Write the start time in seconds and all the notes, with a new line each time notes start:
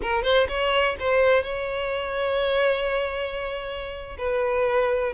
0.02 A#4
0.23 C5
0.48 C#5
0.99 C5
1.43 C#5
4.18 B4